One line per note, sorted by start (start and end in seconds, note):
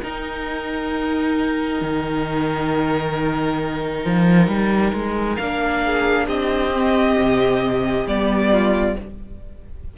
0.00 5.40 D#4
0.00 1.82 D#4
0.00 5.85 A#4
0.00 5.37 G5
1.82 4.06 D#3
4.06 4.48 F3
4.48 4.93 G3
4.94 5.38 G#3
5.37 6.28 A#3
5.37 6.74 D4
5.37 6.26 F5
5.85 6.27 G#4
6.27 7.17 C4
6.27 8.51 G4
6.27 8.08 D#5
6.74 8.07 C4
7.20 8.07 C3
8.07 8.96 G3
8.07 8.97 B3
8.07 8.98 D5
8.53 8.98 F4